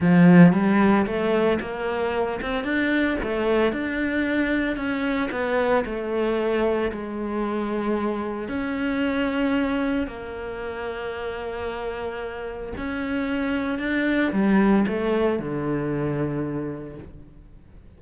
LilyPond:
\new Staff \with { instrumentName = "cello" } { \time 4/4 \tempo 4 = 113 f4 g4 a4 ais4~ | ais8 c'8 d'4 a4 d'4~ | d'4 cis'4 b4 a4~ | a4 gis2. |
cis'2. ais4~ | ais1 | cis'2 d'4 g4 | a4 d2. | }